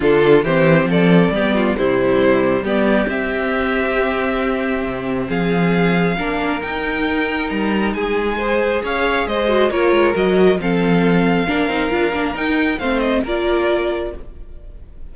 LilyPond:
<<
  \new Staff \with { instrumentName = "violin" } { \time 4/4 \tempo 4 = 136 a'4 c''4 d''2 | c''2 d''4 e''4~ | e''1 | f''2. g''4~ |
g''4 ais''4 gis''2 | f''4 dis''4 cis''4 dis''4 | f''1 | g''4 f''8 dis''8 d''2 | }
  \new Staff \with { instrumentName = "violin" } { \time 4/4 f'4 g'4 a'4 g'8 f'8 | e'2 g'2~ | g'1 | gis'2 ais'2~ |
ais'2 gis'4 c''4 | cis''4 c''4 ais'2 | a'2 ais'2~ | ais'4 c''4 ais'2 | }
  \new Staff \with { instrumentName = "viola" } { \time 4/4 d'4 c'2 b4 | g2 b4 c'4~ | c'1~ | c'2 d'4 dis'4~ |
dis'2. gis'4~ | gis'4. fis'8 f'4 fis'4 | c'2 d'8 dis'8 f'8 d'8 | dis'4 c'4 f'2 | }
  \new Staff \with { instrumentName = "cello" } { \time 4/4 d4 e4 f4 g4 | c2 g4 c'4~ | c'2. c4 | f2 ais4 dis'4~ |
dis'4 g4 gis2 | cis'4 gis4 ais8 gis8 fis4 | f2 ais8 c'8 d'8 ais8 | dis'4 a4 ais2 | }
>>